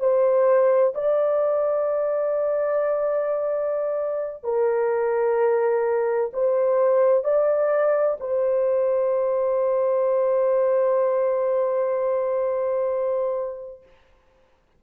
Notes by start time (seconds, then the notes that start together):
0.00 C5
0.95 D5
4.44 A#4
6.34 C5
7.24 D5
8.20 C5